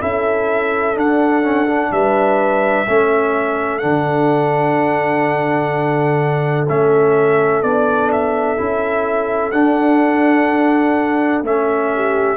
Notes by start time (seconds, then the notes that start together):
0.00 C#4 E4 A4 E5
0.95 D4 F#5
1.43 C#4
1.67 D4
1.92 G3 B4 E5
2.88 A3 C#4 A4
3.79 D3 D4 F#5
6.69 A3 C#4 E5
7.63 B3 D4 D5
8.12 E5
8.58 C#4 E4
9.52 D4 F#5
11.42 A3 C#4 E5
11.95 G4